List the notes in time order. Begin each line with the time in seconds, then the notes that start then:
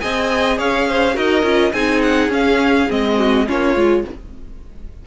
0.00 C4 G#4 D#5 G#5
0.58 C#4 C#5 F5
0.88 C5
1.14 D#4 F#4 A#4 D#5
1.43 C#4 F4
1.73 C4 D#4 G#4 G#5
2.02 F#5
2.29 C#4 F5
2.89 G#3 C4 D#5
3.18 F#4
3.47 A#3 C#4 F4 C#5
3.76 G#3 F4